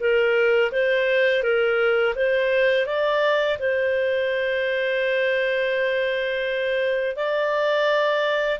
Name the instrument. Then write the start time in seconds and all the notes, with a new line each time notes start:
clarinet
0.00 A#4
0.72 C5
1.43 A#4
2.15 C5
2.86 D5
3.59 C5
7.16 D5